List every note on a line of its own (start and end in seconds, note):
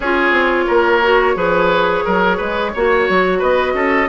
0.00 0.30 C#4
0.00 1.03 F4
0.00 0.65 G#4
0.00 3.41 C#5
0.30 0.64 C4
0.67 1.35 A#3
0.67 1.35 A#4
1.03 1.35 F#4
1.35 2.03 F3
1.35 2.72 G#4
1.35 2.04 B4
2.05 2.40 F#3
2.05 2.37 A#4
2.37 2.74 G#3
2.37 2.71 B4
2.74 3.09 A#3
2.74 4.09 F#4
2.74 3.38 C#5
3.09 3.42 F#3
3.38 3.74 B3
3.38 3.72 B4
3.38 4.09 D#5
3.74 4.08 C#4
3.74 4.09 A4